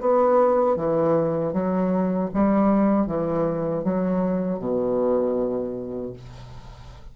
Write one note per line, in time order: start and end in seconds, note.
0.00 0.76 B3
0.76 1.53 E3
1.53 2.30 F#3
2.34 3.07 G3
3.07 3.84 E3
3.84 4.59 F#3
4.59 6.13 B2